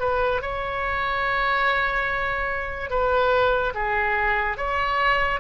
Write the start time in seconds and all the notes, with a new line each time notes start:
0.00 B4
0.42 C#5
2.90 B4
3.75 G#4
4.58 C#5